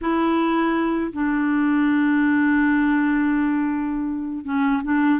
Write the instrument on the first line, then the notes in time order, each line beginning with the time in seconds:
clarinet
0.01 E4
1.12 D4
4.44 C#4
4.84 D4